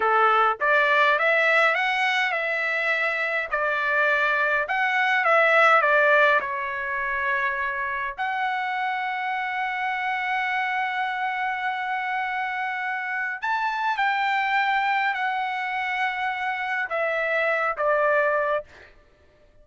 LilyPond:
\new Staff \with { instrumentName = "trumpet" } { \time 4/4 \tempo 4 = 103 a'4 d''4 e''4 fis''4 | e''2 d''2 | fis''4 e''4 d''4 cis''4~ | cis''2 fis''2~ |
fis''1~ | fis''2. a''4 | g''2 fis''2~ | fis''4 e''4. d''4. | }